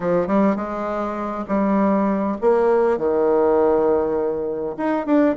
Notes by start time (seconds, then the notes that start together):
0.00 F3
0.27 G3
0.56 G#3
1.47 G3
2.41 A#3
2.97 D#3
4.77 D#4
5.06 D4